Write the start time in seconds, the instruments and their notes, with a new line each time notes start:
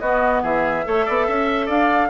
0.00 bassoon B3, clarinet B3, oboe F#4, flute D#5
0.43 bassoon E3, oboe G#4, flute E5
0.85 bassoon A3, clarinet A4, oboe C#5
1.06 bassoon B3, oboe D5
1.27 bassoon C#4, oboe E5
1.66 bassoon D4, oboe D5, flute F5